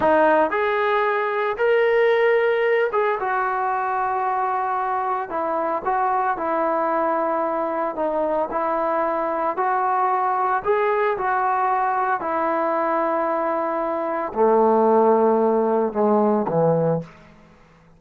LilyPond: \new Staff \with { instrumentName = "trombone" } { \time 4/4 \tempo 4 = 113 dis'4 gis'2 ais'4~ | ais'4. gis'8 fis'2~ | fis'2 e'4 fis'4 | e'2. dis'4 |
e'2 fis'2 | gis'4 fis'2 e'4~ | e'2. a4~ | a2 gis4 e4 | }